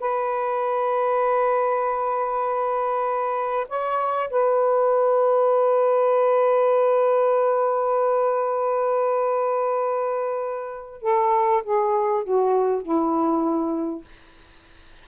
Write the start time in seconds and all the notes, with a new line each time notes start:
0.00 B4
3.69 C#5
4.30 B4
11.02 A4
11.64 G#4
12.24 F#4
12.82 E4